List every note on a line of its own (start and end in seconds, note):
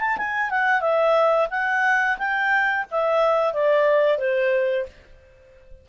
0.00 0.17 A5
0.17 0.51 G#5
0.51 0.81 F#5
0.81 1.48 E5
1.50 2.18 F#5
2.18 2.86 G5
2.91 3.54 E5
3.54 4.18 D5
4.18 4.86 C5